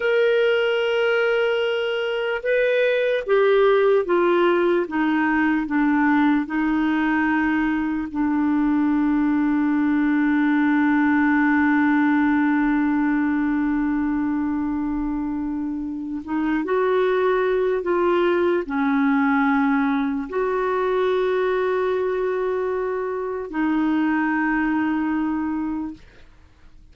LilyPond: \new Staff \with { instrumentName = "clarinet" } { \time 4/4 \tempo 4 = 74 ais'2. b'4 | g'4 f'4 dis'4 d'4 | dis'2 d'2~ | d'1~ |
d'1 | dis'8 fis'4. f'4 cis'4~ | cis'4 fis'2.~ | fis'4 dis'2. | }